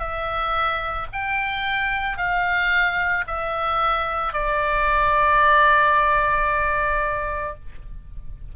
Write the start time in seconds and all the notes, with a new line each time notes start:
0.00 E5
1.13 G5
2.18 F5
3.27 E5
4.33 D5